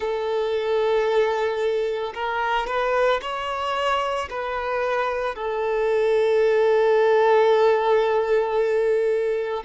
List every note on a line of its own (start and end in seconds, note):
0.00 2.13 A4
2.14 2.66 A#4
2.66 3.20 B4
3.21 4.29 C#5
4.30 5.35 B4
5.35 9.63 A4